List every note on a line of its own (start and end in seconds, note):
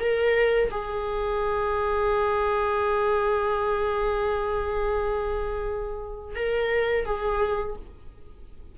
0.00 0.71 A#4
0.72 6.36 G#4
6.36 7.06 A#4
7.06 7.77 G#4